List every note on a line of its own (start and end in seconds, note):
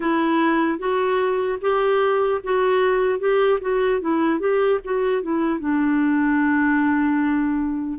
0.00 0.79 E4
0.79 1.59 F#4
1.61 2.41 G4
2.43 3.19 F#4
3.19 3.59 G4
3.60 4.00 F#4
4.00 4.39 E4
4.39 4.79 G4
4.84 5.22 F#4
5.22 5.59 E4
5.59 7.99 D4